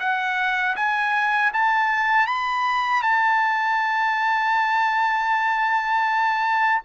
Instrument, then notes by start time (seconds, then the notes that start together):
trumpet
0.00 F#5
0.76 G#5
1.54 A5
2.27 B5
3.02 A5